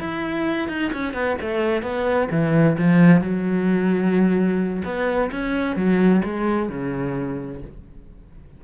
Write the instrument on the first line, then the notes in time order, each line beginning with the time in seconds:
cello
0.00 E4
0.69 D#4
0.93 C#4
1.14 B3
1.41 A3
1.83 B3
2.31 E3
2.78 F3
3.21 F#3
4.85 B3
5.32 C#4
5.77 F#3
6.25 G#3
6.69 C#3